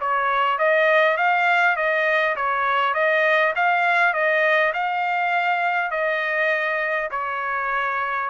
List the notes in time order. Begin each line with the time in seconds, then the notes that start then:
0.00 C#5
0.58 D#5
1.17 F5
1.76 D#5
2.36 C#5
2.94 D#5
3.55 F5
4.13 D#5
4.73 F5
5.91 D#5
7.11 C#5